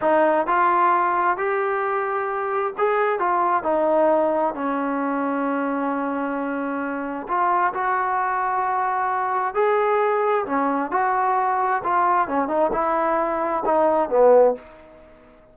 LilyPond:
\new Staff \with { instrumentName = "trombone" } { \time 4/4 \tempo 4 = 132 dis'4 f'2 g'4~ | g'2 gis'4 f'4 | dis'2 cis'2~ | cis'1 |
f'4 fis'2.~ | fis'4 gis'2 cis'4 | fis'2 f'4 cis'8 dis'8 | e'2 dis'4 b4 | }